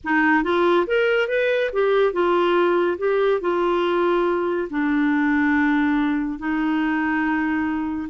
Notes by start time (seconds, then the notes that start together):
0.03 D#4
0.43 F4
0.86 A#4
1.28 B4
1.72 G4
2.12 F4
2.98 G4
3.40 F4
4.70 D4
6.38 D#4